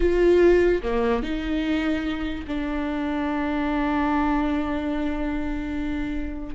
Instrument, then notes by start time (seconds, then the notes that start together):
viola
0.00 F4
0.82 A#3
1.22 D#4
2.47 D4